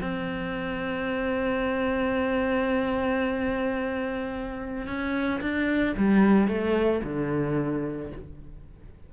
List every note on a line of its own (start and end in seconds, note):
0.00 4.86 C4
4.86 5.41 C#4
5.41 5.95 D4
5.97 6.47 G3
6.47 7.01 A3
7.03 8.11 D3